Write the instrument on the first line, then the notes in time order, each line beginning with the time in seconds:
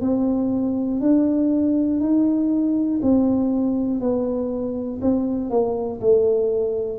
tuba
0.00 C4
1.00 D4
2.00 D#4
3.02 C4
4.00 B3
5.01 C4
5.50 A#3
6.00 A3